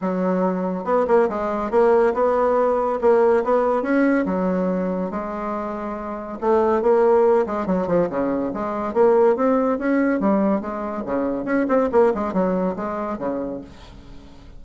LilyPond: \new Staff \with { instrumentName = "bassoon" } { \time 4/4 \tempo 4 = 141 fis2 b8 ais8 gis4 | ais4 b2 ais4 | b4 cis'4 fis2 | gis2. a4 |
ais4. gis8 fis8 f8 cis4 | gis4 ais4 c'4 cis'4 | g4 gis4 cis4 cis'8 c'8 | ais8 gis8 fis4 gis4 cis4 | }